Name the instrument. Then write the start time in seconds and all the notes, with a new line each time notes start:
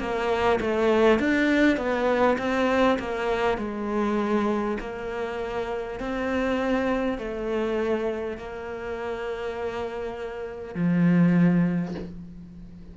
cello
0.00 A#3
0.61 A3
1.20 D4
1.77 B3
2.38 C4
2.99 A#3
3.58 G#3
4.81 A#3
6.00 C4
7.18 A3
8.38 A#3
10.75 F3